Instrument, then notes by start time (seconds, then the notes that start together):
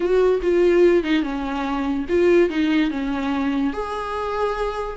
viola
0.00 F#4
0.42 F4
1.03 D#4
1.23 C#4
2.09 F4
2.49 D#4
2.90 C#4
3.73 G#4